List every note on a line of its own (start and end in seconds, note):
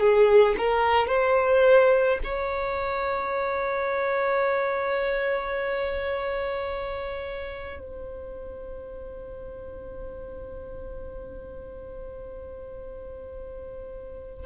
0.00 0.56 G#4
0.58 1.08 A#4
1.08 2.19 C5
2.24 7.79 C#5
7.79 14.46 C5